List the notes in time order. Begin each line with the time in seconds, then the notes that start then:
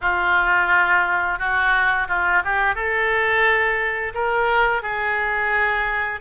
0.01 F4
1.38 F#4
2.08 F4
2.44 G4
2.75 A4
4.14 A#4
4.82 G#4